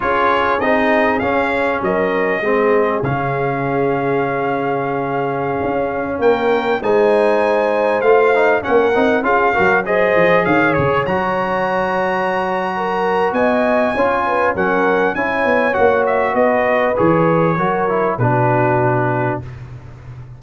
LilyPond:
<<
  \new Staff \with { instrumentName = "trumpet" } { \time 4/4 \tempo 4 = 99 cis''4 dis''4 f''4 dis''4~ | dis''4 f''2.~ | f''2~ f''16 g''4 gis''8.~ | gis''4~ gis''16 f''4 fis''4 f''8.~ |
f''16 dis''4 f''8 cis''8 ais''4.~ ais''16~ | ais''2 gis''2 | fis''4 gis''4 fis''8 e''8 dis''4 | cis''2 b'2 | }
  \new Staff \with { instrumentName = "horn" } { \time 4/4 gis'2. ais'4 | gis'1~ | gis'2~ gis'16 ais'4 c''8.~ | c''2~ c''16 ais'4 gis'8 ais'16~ |
ais'16 c''4 cis''2~ cis''8.~ | cis''4 ais'4 dis''4 cis''8 b'8 | ais'4 cis''2 b'4~ | b'4 ais'4 fis'2 | }
  \new Staff \with { instrumentName = "trombone" } { \time 4/4 f'4 dis'4 cis'2 | c'4 cis'2.~ | cis'2.~ cis'16 dis'8.~ | dis'4~ dis'16 f'8 dis'8 cis'8 dis'8 f'8 fis'16~ |
fis'16 gis'2 fis'4.~ fis'16~ | fis'2. f'4 | cis'4 e'4 fis'2 | gis'4 fis'8 e'8 d'2 | }
  \new Staff \with { instrumentName = "tuba" } { \time 4/4 cis'4 c'4 cis'4 fis4 | gis4 cis2.~ | cis4~ cis16 cis'4 ais4 gis8.~ | gis4~ gis16 a4 ais8 c'8 cis'8 fis16~ |
fis8. f8 dis8 cis8 fis4.~ fis16~ | fis2 b4 cis'4 | fis4 cis'8 b8 ais4 b4 | e4 fis4 b,2 | }
>>